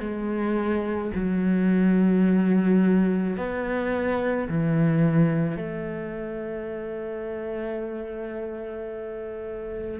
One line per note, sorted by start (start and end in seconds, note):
0.00 1.11 G#3
1.15 3.37 F#3
3.37 4.48 B3
4.49 5.57 E3
5.57 10.00 A3